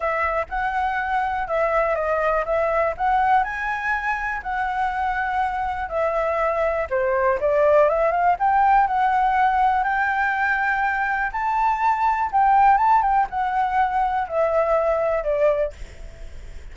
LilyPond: \new Staff \with { instrumentName = "flute" } { \time 4/4 \tempo 4 = 122 e''4 fis''2 e''4 | dis''4 e''4 fis''4 gis''4~ | gis''4 fis''2. | e''2 c''4 d''4 |
e''8 f''8 g''4 fis''2 | g''2. a''4~ | a''4 g''4 a''8 g''8 fis''4~ | fis''4 e''2 d''4 | }